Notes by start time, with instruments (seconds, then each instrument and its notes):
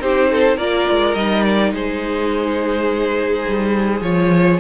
0.00 cello C4, viola D#4, violin G4 C5
0.30 violin A4
0.57 cello A#3, viola F4, violin A#4 D5
0.90 cello G#3
1.14 cello G3, viola D#4, violin D#5
1.43 violin D5
1.72 cello G#3, violin G#4 C5
3.47 cello G3
4.01 cello F3, viola F4, violin C#5